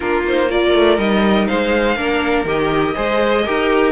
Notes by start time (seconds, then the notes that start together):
0.00 A#3 D4 F4 A#4
0.26 D#4 C5
0.49 F4 A#4 D5
0.74 A3
0.98 G3 D#4 D#5
1.47 G#3 C5 F5
1.96 A#3 D4 A#4
2.45 D#3 G4 D#5
2.95 G#3 G#4 C5
3.45 D#4 G4 A#4